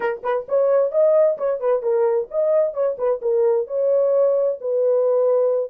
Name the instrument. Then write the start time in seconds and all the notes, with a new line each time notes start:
horn
0.00 A#4
0.23 B4
0.48 C#5
0.91 D#5
1.37 C#5
1.59 B4
1.82 A#4
2.30 D#5
2.73 C#5
2.98 B4
3.21 A#4
3.67 C#5
4.60 B4